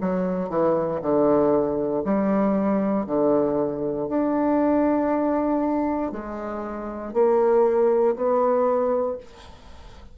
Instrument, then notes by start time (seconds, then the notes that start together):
bassoon
0.00 F#3
0.49 E3
1.01 D3
2.04 G3
3.06 D3
4.08 D4
6.11 G#3
7.13 A#3
8.15 B3